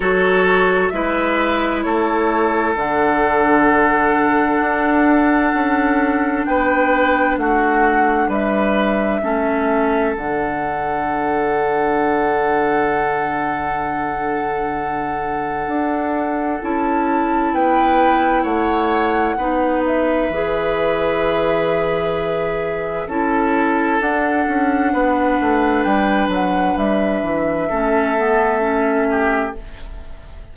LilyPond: <<
  \new Staff \with { instrumentName = "flute" } { \time 4/4 \tempo 4 = 65 cis''4 e''4 cis''4 fis''4~ | fis''2. g''4 | fis''4 e''2 fis''4~ | fis''1~ |
fis''2 a''4 g''4 | fis''4. e''2~ e''8~ | e''4 a''4 fis''2 | g''8 fis''8 e''2. | }
  \new Staff \with { instrumentName = "oboe" } { \time 4/4 a'4 b'4 a'2~ | a'2. b'4 | fis'4 b'4 a'2~ | a'1~ |
a'2. b'4 | cis''4 b'2.~ | b'4 a'2 b'4~ | b'2 a'4. g'8 | }
  \new Staff \with { instrumentName = "clarinet" } { \time 4/4 fis'4 e'2 d'4~ | d'1~ | d'2 cis'4 d'4~ | d'1~ |
d'2 e'2~ | e'4 dis'4 gis'2~ | gis'4 e'4 d'2~ | d'2 cis'8 b8 cis'4 | }
  \new Staff \with { instrumentName = "bassoon" } { \time 4/4 fis4 gis4 a4 d4~ | d4 d'4 cis'4 b4 | a4 g4 a4 d4~ | d1~ |
d4 d'4 cis'4 b4 | a4 b4 e2~ | e4 cis'4 d'8 cis'8 b8 a8 | g8 fis8 g8 e8 a2 | }
>>